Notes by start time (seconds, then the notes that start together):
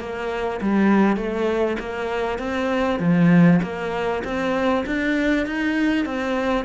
0.00 A#3
0.61 G3
1.17 A3
1.80 A#3
2.39 C4
2.99 F3
3.63 A#3
4.24 C4
4.87 D4
5.47 D#4
6.06 C4